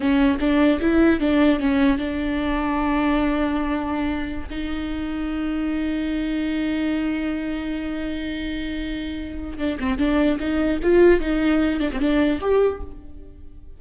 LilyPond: \new Staff \with { instrumentName = "viola" } { \time 4/4 \tempo 4 = 150 cis'4 d'4 e'4 d'4 | cis'4 d'2.~ | d'2.~ d'16 dis'8.~ | dis'1~ |
dis'1~ | dis'1 | d'8 c'8 d'4 dis'4 f'4 | dis'4. d'16 c'16 d'4 g'4 | }